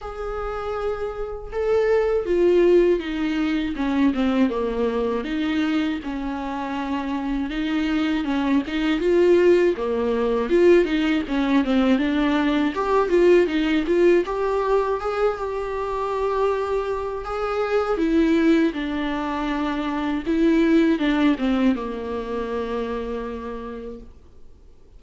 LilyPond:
\new Staff \with { instrumentName = "viola" } { \time 4/4 \tempo 4 = 80 gis'2 a'4 f'4 | dis'4 cis'8 c'8 ais4 dis'4 | cis'2 dis'4 cis'8 dis'8 | f'4 ais4 f'8 dis'8 cis'8 c'8 |
d'4 g'8 f'8 dis'8 f'8 g'4 | gis'8 g'2~ g'8 gis'4 | e'4 d'2 e'4 | d'8 c'8 ais2. | }